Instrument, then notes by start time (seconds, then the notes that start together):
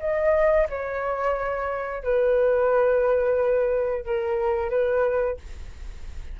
flute
0.00 D#5
0.69 C#5
2.03 B4
4.05 A#4
4.69 B4